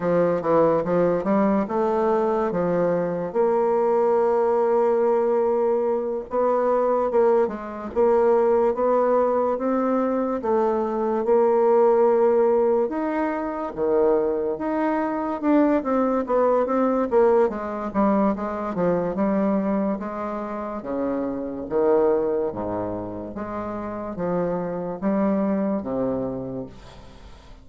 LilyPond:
\new Staff \with { instrumentName = "bassoon" } { \time 4/4 \tempo 4 = 72 f8 e8 f8 g8 a4 f4 | ais2.~ ais8 b8~ | b8 ais8 gis8 ais4 b4 c'8~ | c'8 a4 ais2 dis'8~ |
dis'8 dis4 dis'4 d'8 c'8 b8 | c'8 ais8 gis8 g8 gis8 f8 g4 | gis4 cis4 dis4 gis,4 | gis4 f4 g4 c4 | }